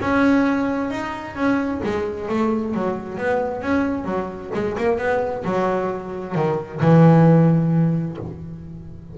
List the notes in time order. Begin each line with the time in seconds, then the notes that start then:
0.00 C#4
0.90 D#4
1.35 C#4
1.83 G#3
2.28 A3
2.74 F#3
3.18 B3
3.61 C#4
4.04 F#3
4.54 G#3
4.77 A#3
4.98 B3
5.44 F#3
6.35 D#3
6.81 E3